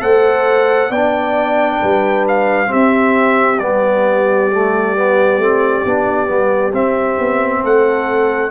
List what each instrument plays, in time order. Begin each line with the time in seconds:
0.00 tuba A3, trombone A4, horn C5, trumpet F#5
0.89 tuba B3, trombone D4, horn D5, trumpet G5
1.80 tuba G3, horn B4
2.28 trumpet F5
2.66 trombone C4, horn G4, trumpet E5
2.73 tuba C4
3.59 tuba G3, trombone B3, trumpet D5
4.51 trombone A3
4.96 trombone B3
5.37 tuba A3, trombone C4
5.85 tuba B3, trombone D4
6.27 tuba G3, trombone B3
6.73 tuba C4, trombone C4, trumpet E5
7.18 tuba B3
7.62 tuba A3, horn A4, trumpet F#5